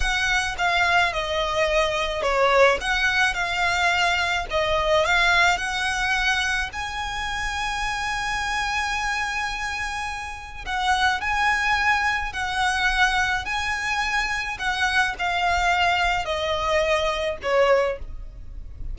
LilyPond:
\new Staff \with { instrumentName = "violin" } { \time 4/4 \tempo 4 = 107 fis''4 f''4 dis''2 | cis''4 fis''4 f''2 | dis''4 f''4 fis''2 | gis''1~ |
gis''2. fis''4 | gis''2 fis''2 | gis''2 fis''4 f''4~ | f''4 dis''2 cis''4 | }